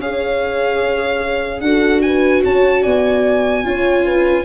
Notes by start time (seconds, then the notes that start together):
0.00 C#4 G#4 C#5 F5
1.61 D4 F#4 A4 F#5
2.02 B4 G#5
2.44 C#4 C#5 A5
2.83 B3 D5 G#5
3.64 C#4 F4 C#5
4.06 B4